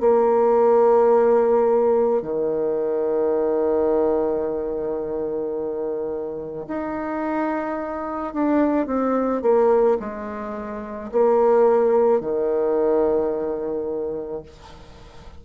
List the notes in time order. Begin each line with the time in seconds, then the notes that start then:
0.00 A#3
2.22 D#3
6.68 D#4
8.33 D4
8.86 C4
9.42 A#3
9.99 G#3
11.12 A#3
12.21 D#3